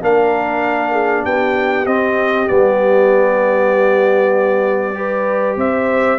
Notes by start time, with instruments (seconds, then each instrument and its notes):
0.00 tuba A#3, trombone D4, horn A#4, trumpet F5
0.92 horn G#4
1.24 tuba B3, horn G4, trumpet G5
1.86 tuba C4, trombone C4, trumpet D#5
2.47 tuba G3, trombone B3, trumpet D5
4.94 trombone G4, horn B4
5.56 tuba C4, horn C5, trumpet E5